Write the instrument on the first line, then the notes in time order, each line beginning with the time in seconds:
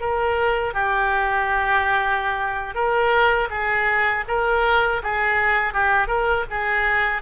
oboe
0.00 A#4
0.74 G4
2.74 A#4
3.50 G#4
4.28 A#4
5.03 G#4
5.73 G4
6.07 A#4
6.50 G#4